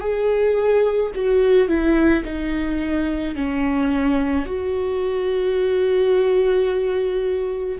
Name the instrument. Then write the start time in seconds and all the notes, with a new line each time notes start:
viola
0.00 G#4
1.15 F#4
1.68 E4
2.24 D#4
3.35 C#4
4.45 F#4